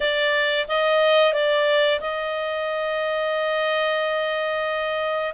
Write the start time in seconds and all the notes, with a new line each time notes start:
0.00 D5
0.68 D#5
1.33 D5
2.00 D#5